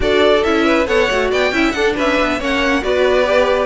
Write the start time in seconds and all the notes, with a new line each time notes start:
0.00 D4 F#4 A4 D5
0.43 C#4 E4 E5
0.65 B4
0.86 B3 A4 C#5 F#5
1.10 A3 F#4
1.30 B3 D5 G5
1.51 C#4 E4 E5
1.71 D4 A4 F#5
1.95 C#4 B4 E5
2.20 B3
2.38 A#3 C#4 C#5 F#5
2.82 B3 F#4 B4 D5
3.24 G4